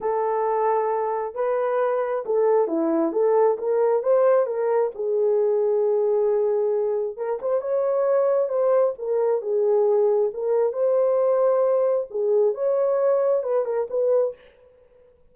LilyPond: \new Staff \with { instrumentName = "horn" } { \time 4/4 \tempo 4 = 134 a'2. b'4~ | b'4 a'4 e'4 a'4 | ais'4 c''4 ais'4 gis'4~ | gis'1 |
ais'8 c''8 cis''2 c''4 | ais'4 gis'2 ais'4 | c''2. gis'4 | cis''2 b'8 ais'8 b'4 | }